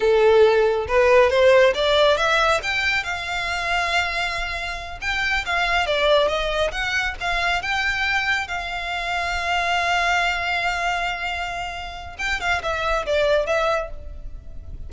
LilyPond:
\new Staff \with { instrumentName = "violin" } { \time 4/4 \tempo 4 = 138 a'2 b'4 c''4 | d''4 e''4 g''4 f''4~ | f''2.~ f''8 g''8~ | g''8 f''4 d''4 dis''4 fis''8~ |
fis''8 f''4 g''2 f''8~ | f''1~ | f''1 | g''8 f''8 e''4 d''4 e''4 | }